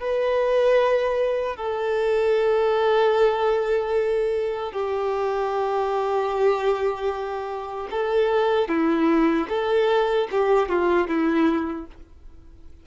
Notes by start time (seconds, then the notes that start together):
0.00 B4
1.56 A4
4.72 G4
7.91 A4
8.68 E4
9.49 A4
10.31 G4
10.69 F4
11.07 E4